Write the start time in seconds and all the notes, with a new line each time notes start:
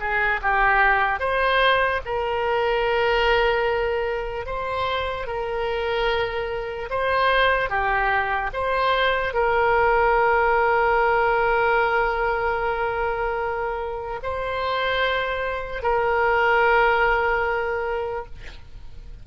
0.00 G#4
0.42 G4
1.20 C5
2.05 A#4
4.46 C5
5.27 A#4
6.90 C5
7.70 G4
8.54 C5
9.34 A#4
14.23 C5
15.82 A#4